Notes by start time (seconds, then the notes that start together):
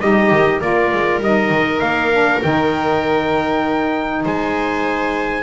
0.00 G3 D#4 G4 D#5
0.31 D#3
0.60 A#3 F4 A#4 D5
0.92 G#3
1.20 G3 D#4 D#5
1.50 D#3
1.80 A#3 F5
2.12 D4
2.42 D#3 D#4 G5
4.25 G#3 C5 G#5